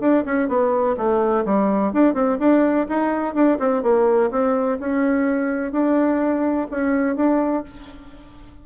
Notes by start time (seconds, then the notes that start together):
0.00 D4
0.25 C#4
0.48 B3
0.97 A3
1.45 G3
1.93 D4
2.14 C4
2.39 D4
2.89 D#4
3.34 D4
3.59 C4
3.83 A#3
4.31 C4
4.79 C#4
5.72 D4
6.71 C#4
7.16 D4